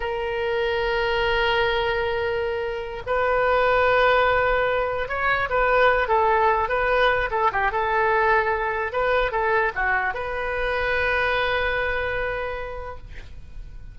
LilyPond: \new Staff \with { instrumentName = "oboe" } { \time 4/4 \tempo 4 = 148 ais'1~ | ais'2.~ ais'8 b'8~ | b'1~ | b'8 cis''4 b'4. a'4~ |
a'8 b'4. a'8 g'8 a'4~ | a'2 b'4 a'4 | fis'4 b'2.~ | b'1 | }